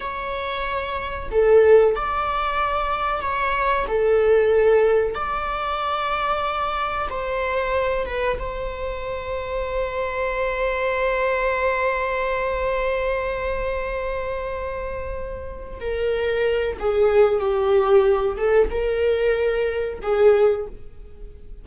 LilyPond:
\new Staff \with { instrumentName = "viola" } { \time 4/4 \tempo 4 = 93 cis''2 a'4 d''4~ | d''4 cis''4 a'2 | d''2. c''4~ | c''8 b'8 c''2.~ |
c''1~ | c''1~ | c''8 ais'4. gis'4 g'4~ | g'8 a'8 ais'2 gis'4 | }